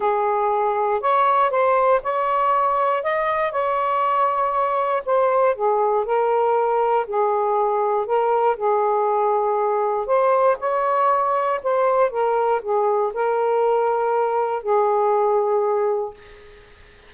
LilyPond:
\new Staff \with { instrumentName = "saxophone" } { \time 4/4 \tempo 4 = 119 gis'2 cis''4 c''4 | cis''2 dis''4 cis''4~ | cis''2 c''4 gis'4 | ais'2 gis'2 |
ais'4 gis'2. | c''4 cis''2 c''4 | ais'4 gis'4 ais'2~ | ais'4 gis'2. | }